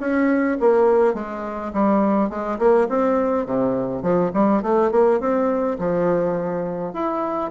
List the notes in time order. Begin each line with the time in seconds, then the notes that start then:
0.00 C#4
0.60 A#3
1.14 G#3
1.73 G3
2.30 G#3
2.59 A#3
2.89 C4
3.46 C3
4.03 F3
4.33 G3
4.63 A3
4.91 A#3
5.20 C4
5.79 F3
6.94 E4